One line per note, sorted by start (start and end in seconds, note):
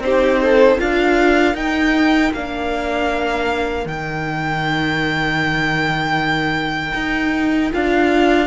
0.00 0.77 C4
0.00 0.79 D#4
0.00 0.43 G4
0.00 0.80 C5
0.43 0.79 A4
0.79 1.54 D4
0.79 1.56 F4
0.79 8.47 A#4
0.79 1.56 F5
1.54 2.31 D#4
1.54 2.34 D#4
1.54 2.33 G5
2.34 3.86 A#3
2.34 3.88 D4
2.34 3.88 F5
3.86 6.93 D#3
3.86 7.72 D#4
3.86 7.73 G5
6.95 7.71 D#4
7.72 8.47 D4
7.72 8.47 F4
7.72 8.47 F5